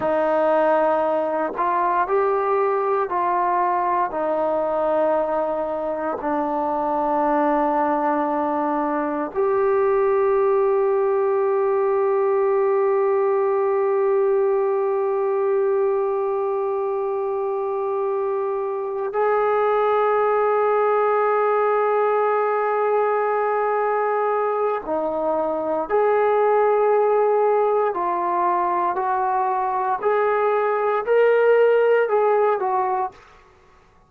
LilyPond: \new Staff \with { instrumentName = "trombone" } { \time 4/4 \tempo 4 = 58 dis'4. f'8 g'4 f'4 | dis'2 d'2~ | d'4 g'2.~ | g'1~ |
g'2~ g'8 gis'4.~ | gis'1 | dis'4 gis'2 f'4 | fis'4 gis'4 ais'4 gis'8 fis'8 | }